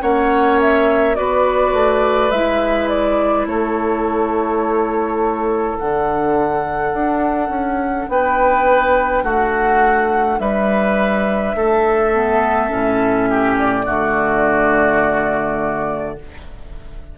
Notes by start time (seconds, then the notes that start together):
0.00 A#3 C#4 C#5 F#5
0.61 E5
1.15 B3 F#4 B4 D5
1.73 A3
2.30 G#3 E4 E5
2.88 D5
3.45 A3 A4 C#5
5.78 D3 D4 F#5
6.93 D4
7.49 C#4
8.09 B3 B4 G5
9.23 A3 F#4 F#5
10.39 G3 B4 E5
11.55 A3 A4
12.12 B3
12.68 A2 C#4
13.29 G4
13.58 D5
13.85 D3 A3 F#4